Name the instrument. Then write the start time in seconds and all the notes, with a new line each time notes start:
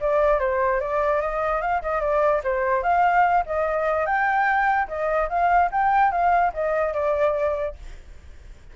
flute
0.00 D5
0.39 C5
0.80 D5
1.21 D#5
1.61 F5
1.82 D#5
2.00 D5
2.43 C5
2.82 F5
3.46 D#5
4.06 G5
4.88 D#5
5.29 F5
5.71 G5
6.11 F5
6.53 D#5
6.93 D5